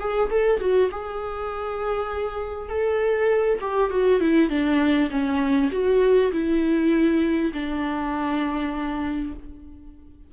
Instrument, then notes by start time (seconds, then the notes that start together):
viola
0.00 G#4
0.30 A4
0.60 F#4
0.91 G#4
2.69 A4
3.61 G4
3.91 F#4
4.21 E4
4.49 D4
5.11 C#4
5.72 F#4
6.32 E4
7.54 D4